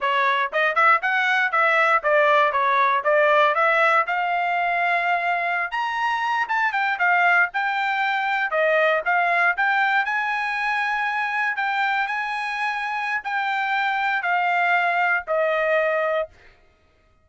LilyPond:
\new Staff \with { instrumentName = "trumpet" } { \time 4/4 \tempo 4 = 118 cis''4 dis''8 e''8 fis''4 e''4 | d''4 cis''4 d''4 e''4 | f''2.~ f''16 ais''8.~ | ais''8. a''8 g''8 f''4 g''4~ g''16~ |
g''8. dis''4 f''4 g''4 gis''16~ | gis''2~ gis''8. g''4 gis''16~ | gis''2 g''2 | f''2 dis''2 | }